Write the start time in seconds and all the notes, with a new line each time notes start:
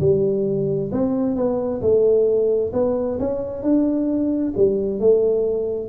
0.00 G3
0.92 C4
1.36 B3
1.81 A3
2.73 B3
3.19 C#4
3.63 D4
4.57 G3
5.00 A3